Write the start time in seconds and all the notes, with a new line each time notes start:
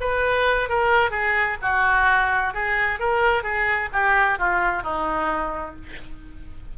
0.00 B4
0.69 A#4
1.11 G#4
1.62 F#4
2.54 G#4
2.99 A#4
3.43 G#4
3.93 G4
4.38 F4
4.83 D#4